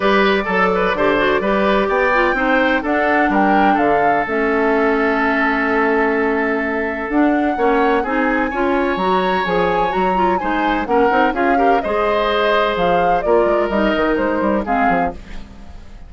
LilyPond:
<<
  \new Staff \with { instrumentName = "flute" } { \time 4/4 \tempo 4 = 127 d''1 | g''2 fis''4 g''4 | f''4 e''2.~ | e''2. fis''4~ |
fis''4 gis''2 ais''4 | gis''4 ais''4 gis''4 fis''4 | f''4 dis''2 f''4 | d''4 dis''4 c''4 f''4 | }
  \new Staff \with { instrumentName = "oboe" } { \time 4/4 b'4 a'8 b'8 c''4 b'4 | d''4 c''4 a'4 ais'4 | a'1~ | a'1 |
cis''4 gis'4 cis''2~ | cis''2 c''4 ais'4 | gis'8 ais'8 c''2. | ais'2. gis'4 | }
  \new Staff \with { instrumentName = "clarinet" } { \time 4/4 g'4 a'4 g'8 fis'8 g'4~ | g'8 f'8 dis'4 d'2~ | d'4 cis'2.~ | cis'2. d'4 |
cis'4 dis'4 f'4 fis'4 | gis'4 fis'8 f'8 dis'4 cis'8 dis'8 | f'8 g'8 gis'2. | f'4 dis'2 c'4 | }
  \new Staff \with { instrumentName = "bassoon" } { \time 4/4 g4 fis4 d4 g4 | b4 c'4 d'4 g4 | d4 a2.~ | a2. d'4 |
ais4 c'4 cis'4 fis4 | f4 fis4 gis4 ais8 c'8 | cis'4 gis2 f4 | ais8 gis8 g8 dis8 gis8 g8 gis8 f8 | }
>>